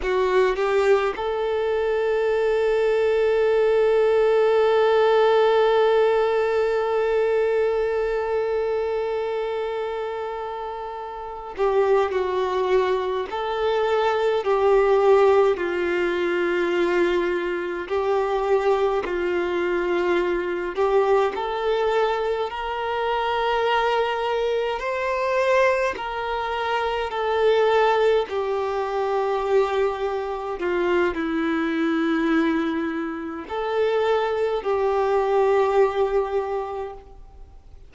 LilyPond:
\new Staff \with { instrumentName = "violin" } { \time 4/4 \tempo 4 = 52 fis'8 g'8 a'2.~ | a'1~ | a'2 g'8 fis'4 a'8~ | a'8 g'4 f'2 g'8~ |
g'8 f'4. g'8 a'4 ais'8~ | ais'4. c''4 ais'4 a'8~ | a'8 g'2 f'8 e'4~ | e'4 a'4 g'2 | }